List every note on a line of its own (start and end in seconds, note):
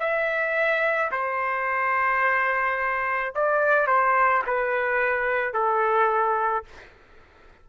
0.00 1.11 E5
1.12 3.34 C5
3.35 3.87 D5
3.87 4.42 C5
4.47 5.54 B4
5.54 6.65 A4